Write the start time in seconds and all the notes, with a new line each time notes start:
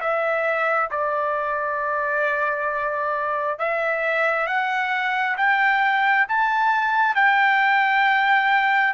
0.00 E5
0.90 D5
3.58 E5
4.47 F#5
5.37 G5
6.28 A5
7.15 G5